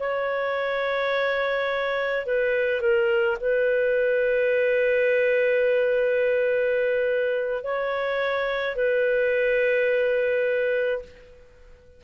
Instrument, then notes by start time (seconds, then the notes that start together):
clarinet
0.00 C#5
2.26 B4
2.81 A#4
3.41 B4
7.64 C#5
8.76 B4